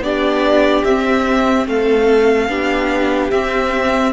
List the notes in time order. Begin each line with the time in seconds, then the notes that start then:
0.00 B3 D4 G4 D5
0.84 C4 E5
1.67 A3 A4 F5
2.49 B3 D4 G4
3.30 C4 E5